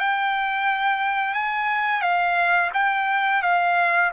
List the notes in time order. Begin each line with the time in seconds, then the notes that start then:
0.00 G5
1.34 G#5
2.02 F5
2.74 G5
3.43 F5